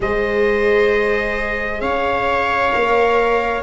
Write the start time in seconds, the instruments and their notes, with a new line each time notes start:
0.00 tuba G#3, viola G#4 C5, trumpet D#5
1.80 tuba C#4, viola C#5, trumpet F5
2.71 tuba A#3, viola A#4